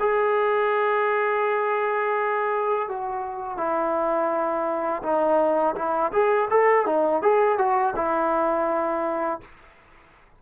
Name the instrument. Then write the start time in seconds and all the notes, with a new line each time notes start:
trombone
0.00 G#4
2.88 F#4
3.58 E4
5.03 D#4
5.76 E4
6.12 G#4
6.50 A4
6.86 D#4
7.22 G#4
7.58 F#4
7.96 E4